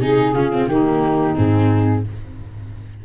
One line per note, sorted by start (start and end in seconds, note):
0.00 0.33 C3
0.00 0.35 D#4
0.00 0.34 G#4
0.00 0.68 G#4
0.33 0.66 C#3
0.33 0.52 C#4
0.33 0.68 F4
0.52 0.69 C4
0.66 1.34 D#3
0.66 1.35 A#3
0.66 2.03 D#4
0.66 1.35 G4
1.35 2.05 G#2
1.35 2.03 C4
1.35 2.03 G#4